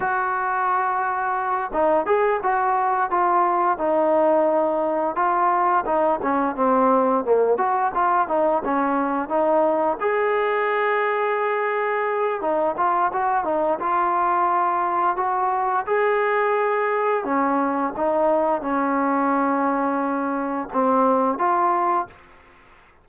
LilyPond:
\new Staff \with { instrumentName = "trombone" } { \time 4/4 \tempo 4 = 87 fis'2~ fis'8 dis'8 gis'8 fis'8~ | fis'8 f'4 dis'2 f'8~ | f'8 dis'8 cis'8 c'4 ais8 fis'8 f'8 | dis'8 cis'4 dis'4 gis'4.~ |
gis'2 dis'8 f'8 fis'8 dis'8 | f'2 fis'4 gis'4~ | gis'4 cis'4 dis'4 cis'4~ | cis'2 c'4 f'4 | }